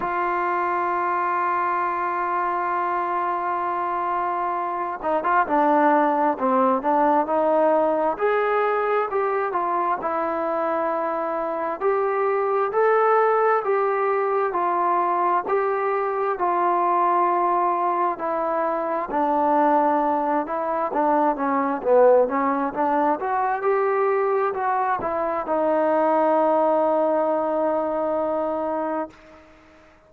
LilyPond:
\new Staff \with { instrumentName = "trombone" } { \time 4/4 \tempo 4 = 66 f'1~ | f'4. dis'16 f'16 d'4 c'8 d'8 | dis'4 gis'4 g'8 f'8 e'4~ | e'4 g'4 a'4 g'4 |
f'4 g'4 f'2 | e'4 d'4. e'8 d'8 cis'8 | b8 cis'8 d'8 fis'8 g'4 fis'8 e'8 | dis'1 | }